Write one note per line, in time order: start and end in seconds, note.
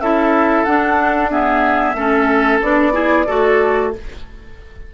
0.00 0.65 C#4
0.00 0.67 E4
0.00 1.31 A4
0.00 0.64 E5
0.64 1.95 D4
0.64 1.31 D4
0.64 1.29 F#5
1.31 1.96 B3
1.31 1.96 G#4
1.31 2.61 E5
1.95 2.60 A3
1.95 2.62 C#4
1.95 2.94 A4
2.62 3.27 B3
2.62 2.93 D4
2.62 3.93 D5
2.93 3.26 E4
2.93 3.26 G#4
3.26 3.94 A3
3.26 3.93 F#4
3.26 3.91 A4